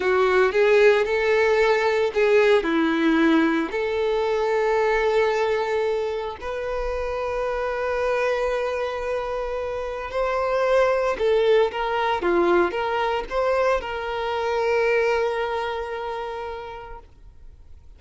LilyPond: \new Staff \with { instrumentName = "violin" } { \time 4/4 \tempo 4 = 113 fis'4 gis'4 a'2 | gis'4 e'2 a'4~ | a'1 | b'1~ |
b'2. c''4~ | c''4 a'4 ais'4 f'4 | ais'4 c''4 ais'2~ | ais'1 | }